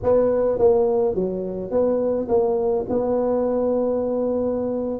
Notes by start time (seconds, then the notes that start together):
0.03 B3
0.58 A#3
1.15 F#3
1.70 B3
2.28 A#3
2.89 B3